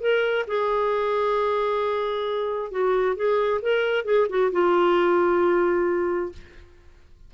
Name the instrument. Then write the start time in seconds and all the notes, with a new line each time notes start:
clarinet
0.00 A#4
0.47 G#4
2.71 F#4
3.15 G#4
3.62 A#4
4.04 G#4
4.29 F#4
4.52 F4